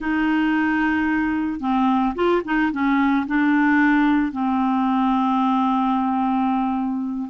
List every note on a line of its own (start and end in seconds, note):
0.00 1.60 D#4
1.60 2.14 C4
2.15 2.42 F4
2.44 2.71 D#4
2.71 3.26 C#4
3.26 4.31 D4
4.31 7.29 C4